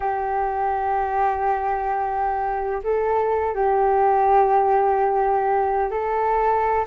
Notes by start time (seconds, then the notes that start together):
0.00 G4
2.83 A4
3.54 G4
5.91 A4